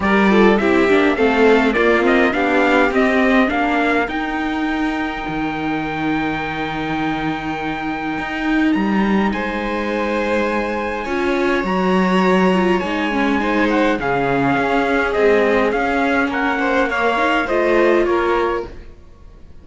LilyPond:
<<
  \new Staff \with { instrumentName = "trumpet" } { \time 4/4 \tempo 4 = 103 d''4 e''4 f''4 d''8 dis''8 | f''4 dis''4 f''4 g''4~ | g''1~ | g''2. ais''4 |
gis''1 | ais''2 gis''4. fis''8 | f''2 dis''4 f''4 | fis''4 f''4 dis''4 cis''4 | }
  \new Staff \with { instrumentName = "violin" } { \time 4/4 ais'8 a'8 g'4 a'4 f'4 | g'2 ais'2~ | ais'1~ | ais'1 |
c''2. cis''4~ | cis''2. c''4 | gis'1 | ais'8 c''8 cis''4 c''4 ais'4 | }
  \new Staff \with { instrumentName = "viola" } { \time 4/4 g'8 f'8 e'8 d'8 c'4 ais8 c'8 | d'4 c'4 d'4 dis'4~ | dis'1~ | dis'1~ |
dis'2. f'4 | fis'4. f'8 dis'8 cis'8 dis'4 | cis'2 gis4 cis'4~ | cis'4 ais8 dis'8 f'2 | }
  \new Staff \with { instrumentName = "cello" } { \time 4/4 g4 c'8 ais8 a4 ais4 | b4 c'4 ais4 dis'4~ | dis'4 dis2.~ | dis2 dis'4 g4 |
gis2. cis'4 | fis2 gis2 | cis4 cis'4 c'4 cis'4 | ais2 a4 ais4 | }
>>